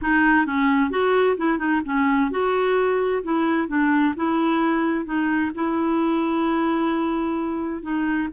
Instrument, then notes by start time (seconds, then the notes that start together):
clarinet
0.01 D#4
0.46 C#4
0.90 F#4
1.37 E4
1.58 D#4
1.85 C#4
2.30 F#4
3.23 E4
3.68 D4
4.16 E4
5.05 D#4
5.54 E4
7.82 D#4